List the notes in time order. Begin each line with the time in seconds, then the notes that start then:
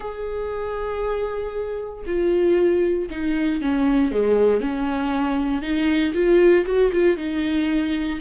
0.00 G#4
2.06 F4
3.10 D#4
3.61 C#4
4.11 G#3
4.60 C#4
5.62 D#4
6.14 F4
6.65 F#4
6.92 F4
7.16 D#4